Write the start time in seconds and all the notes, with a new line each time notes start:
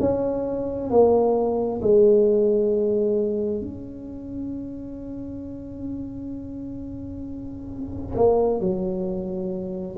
0.00 C#4
0.91 A#3
1.82 G#3
3.61 C#4
8.16 A#3
8.61 F#3